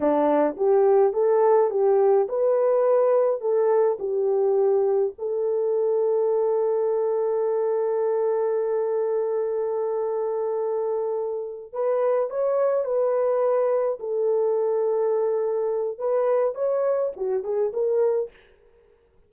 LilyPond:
\new Staff \with { instrumentName = "horn" } { \time 4/4 \tempo 4 = 105 d'4 g'4 a'4 g'4 | b'2 a'4 g'4~ | g'4 a'2.~ | a'1~ |
a'1~ | a'8 b'4 cis''4 b'4.~ | b'8 a'2.~ a'8 | b'4 cis''4 fis'8 gis'8 ais'4 | }